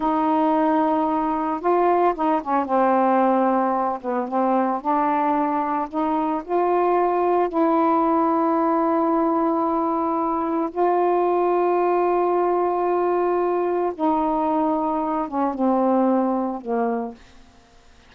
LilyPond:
\new Staff \with { instrumentName = "saxophone" } { \time 4/4 \tempo 4 = 112 dis'2. f'4 | dis'8 cis'8 c'2~ c'8 b8 | c'4 d'2 dis'4 | f'2 e'2~ |
e'1 | f'1~ | f'2 dis'2~ | dis'8 cis'8 c'2 ais4 | }